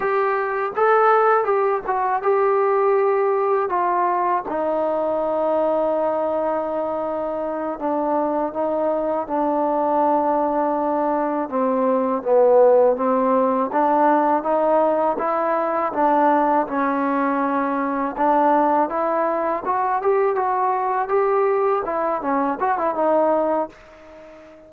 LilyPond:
\new Staff \with { instrumentName = "trombone" } { \time 4/4 \tempo 4 = 81 g'4 a'4 g'8 fis'8 g'4~ | g'4 f'4 dis'2~ | dis'2~ dis'8 d'4 dis'8~ | dis'8 d'2. c'8~ |
c'8 b4 c'4 d'4 dis'8~ | dis'8 e'4 d'4 cis'4.~ | cis'8 d'4 e'4 fis'8 g'8 fis'8~ | fis'8 g'4 e'8 cis'8 fis'16 e'16 dis'4 | }